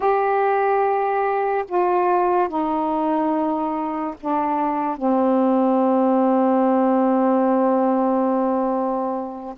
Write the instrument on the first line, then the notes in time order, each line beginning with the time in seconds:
saxophone
0.00 G4
1.68 F4
2.48 D#4
4.20 D4
4.97 C4